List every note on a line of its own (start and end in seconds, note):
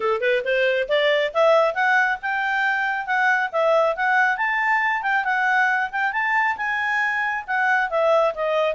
0.00 0.20 A4
0.20 0.42 B4
0.44 0.88 C5
0.88 1.32 D5
1.33 1.74 E5
1.74 2.18 F#5
2.22 3.06 G5
3.06 3.50 F#5
3.52 3.95 E5
3.95 4.37 F#5
4.37 5.02 A5
5.02 5.24 G5
5.24 5.90 F#5
5.91 6.12 G5
6.12 6.56 A5
6.57 7.44 G#5
7.47 7.90 F#5
7.90 8.34 E5
8.34 8.75 D#5